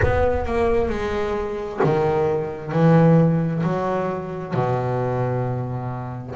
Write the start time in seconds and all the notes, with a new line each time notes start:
0.02 B3
0.45 A#3
0.89 G#3
1.83 D#3
2.71 E3
3.63 F#3
4.54 B2